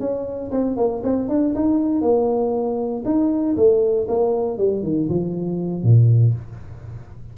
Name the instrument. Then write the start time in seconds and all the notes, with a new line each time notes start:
tuba
0.00 C#4
0.51 C4
0.77 A#3
1.04 C4
1.29 D4
1.55 D#4
2.01 A#3
3.05 D#4
3.56 A3
4.08 A#3
4.58 G3
4.83 D#3
5.09 F3
5.83 A#2